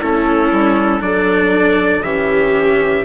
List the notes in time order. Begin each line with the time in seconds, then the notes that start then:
0.00 A3 C#4 E4 A4
0.51 G3
1.00 F#3 D4 A4 D5
2.02 E3 C#4 G4 E5